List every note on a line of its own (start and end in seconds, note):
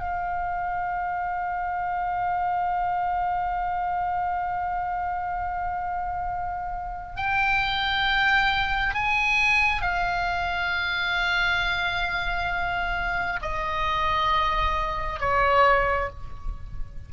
0.00 7.16 F5
7.16 8.94 G5
8.94 9.82 G#5
9.82 13.40 F5
13.42 15.20 D#5
15.20 16.09 C#5